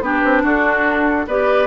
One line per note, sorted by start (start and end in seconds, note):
0.00 0.21 B3
0.00 1.27 D4
0.00 0.42 G4
0.00 0.44 B4
0.24 0.43 C4
0.42 1.26 D4
0.42 1.26 F#4
0.42 1.28 A4
1.26 1.67 B3
1.26 1.67 G4
1.26 1.67 B4
1.26 1.67 D5